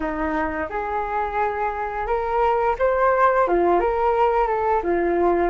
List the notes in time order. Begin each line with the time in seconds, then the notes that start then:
0.00 D#4
0.69 G#4
2.06 A#4
2.78 C5
3.47 F4
3.80 A#4
4.47 A4
4.83 F4